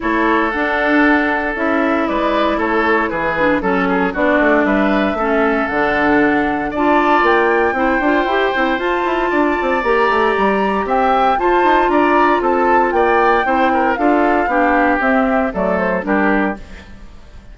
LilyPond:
<<
  \new Staff \with { instrumentName = "flute" } { \time 4/4 \tempo 4 = 116 cis''4 fis''2 e''4 | d''4 cis''4 b'4 a'4 | d''4 e''2 fis''4~ | fis''4 a''4 g''2~ |
g''4 a''2 ais''4~ | ais''4 g''4 a''4 ais''4 | a''4 g''2 f''4~ | f''4 e''4 d''8 c''8 ais'4 | }
  \new Staff \with { instrumentName = "oboe" } { \time 4/4 a'1 | b'4 a'4 gis'4 a'8 gis'8 | fis'4 b'4 a'2~ | a'4 d''2 c''4~ |
c''2 d''2~ | d''4 e''4 c''4 d''4 | a'4 d''4 c''8 ais'8 a'4 | g'2 a'4 g'4 | }
  \new Staff \with { instrumentName = "clarinet" } { \time 4/4 e'4 d'2 e'4~ | e'2~ e'8 d'8 cis'4 | d'2 cis'4 d'4~ | d'4 f'2 e'8 f'8 |
g'8 e'8 f'2 g'4~ | g'2 f'2~ | f'2 e'4 f'4 | d'4 c'4 a4 d'4 | }
  \new Staff \with { instrumentName = "bassoon" } { \time 4/4 a4 d'2 cis'4 | gis4 a4 e4 fis4 | b8 a8 g4 a4 d4~ | d4 d'4 ais4 c'8 d'8 |
e'8 c'8 f'8 e'8 d'8 c'8 ais8 a8 | g4 c'4 f'8 dis'8 d'4 | c'4 ais4 c'4 d'4 | b4 c'4 fis4 g4 | }
>>